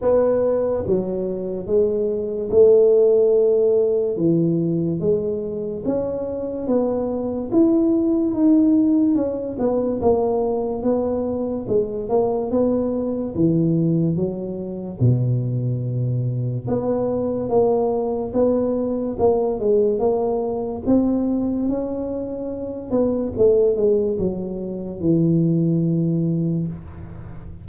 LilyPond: \new Staff \with { instrumentName = "tuba" } { \time 4/4 \tempo 4 = 72 b4 fis4 gis4 a4~ | a4 e4 gis4 cis'4 | b4 e'4 dis'4 cis'8 b8 | ais4 b4 gis8 ais8 b4 |
e4 fis4 b,2 | b4 ais4 b4 ais8 gis8 | ais4 c'4 cis'4. b8 | a8 gis8 fis4 e2 | }